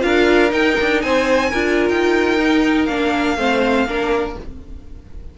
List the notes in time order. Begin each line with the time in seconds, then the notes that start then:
0.00 D4 F4 A#4 F5
0.51 D#4 G5
0.81 D4
1.02 C4 C5 G#5
1.50 D4 F4 A#4
1.89 D#4 G5
2.39 D#4
2.85 A#3 D4 F5
3.38 A3 C4 C5
3.86 A#3 D4 A#4